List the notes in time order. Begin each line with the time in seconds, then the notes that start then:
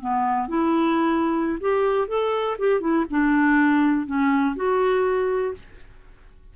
0.00 B3
0.48 E4
1.60 G4
2.07 A4
2.59 G4
2.80 E4
3.10 D4
4.06 C#4
4.56 F#4